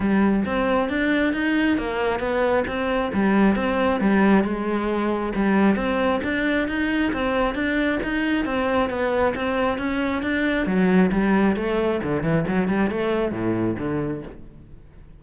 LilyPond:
\new Staff \with { instrumentName = "cello" } { \time 4/4 \tempo 4 = 135 g4 c'4 d'4 dis'4 | ais4 b4 c'4 g4 | c'4 g4 gis2 | g4 c'4 d'4 dis'4 |
c'4 d'4 dis'4 c'4 | b4 c'4 cis'4 d'4 | fis4 g4 a4 d8 e8 | fis8 g8 a4 a,4 d4 | }